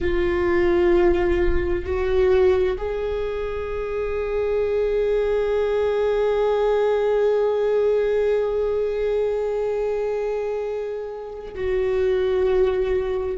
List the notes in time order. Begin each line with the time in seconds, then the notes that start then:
0.00 F4
1.85 F#4
2.77 G#4
11.54 F#4